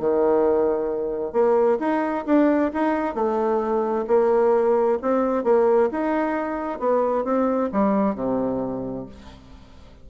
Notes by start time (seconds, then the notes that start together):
0.00 D#3
1.33 A#3
1.80 D#4
2.26 D4
2.74 D#4
3.15 A3
4.08 A#3
5.02 C4
5.44 A#3
5.92 D#4
6.80 B3
7.25 C4
7.73 G3
8.16 C3